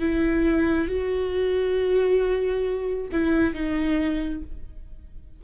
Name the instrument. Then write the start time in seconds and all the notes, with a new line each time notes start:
viola
0.00 E4
0.88 F#4
3.12 E4
3.54 D#4